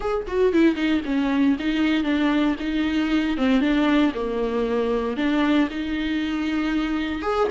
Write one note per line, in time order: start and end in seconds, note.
0.00 0.26 G#4
0.27 0.52 F#4
0.52 0.75 E4
0.75 1.01 D#4
1.05 1.57 C#4
1.59 2.03 D#4
2.03 2.55 D4
2.59 3.37 D#4
3.37 3.60 C4
3.60 4.12 D4
4.14 5.16 A#3
5.16 5.68 D4
5.70 7.22 D#4
7.22 7.48 G#4